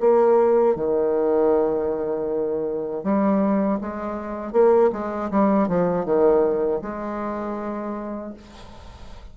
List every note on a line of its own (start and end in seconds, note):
0.00 0.76 A#3
0.76 3.04 D#3
3.04 3.80 G3
3.81 4.53 G#3
4.53 4.91 A#3
4.93 5.31 G#3
5.31 5.68 G3
5.68 6.06 F3
6.06 6.81 D#3
6.82 8.34 G#3